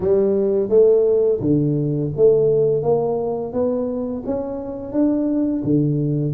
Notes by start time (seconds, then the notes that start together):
0.00 G3
0.69 A3
1.40 D3
2.16 A3
2.82 A#3
3.52 B3
4.25 C#4
4.92 D4
5.63 D3